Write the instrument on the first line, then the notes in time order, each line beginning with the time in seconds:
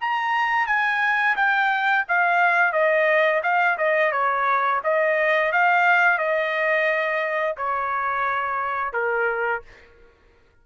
trumpet
0.00 A#5
0.66 G#5
1.36 G5
2.08 F5
2.72 D#5
3.43 F5
3.77 D#5
4.12 C#5
4.83 D#5
5.52 F5
6.18 D#5
7.57 C#5
8.93 A#4